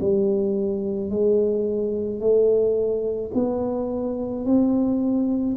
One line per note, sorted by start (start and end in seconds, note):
0.00 1.10 G3
1.10 2.19 G#3
2.19 3.30 A3
3.33 4.44 B3
4.45 5.56 C4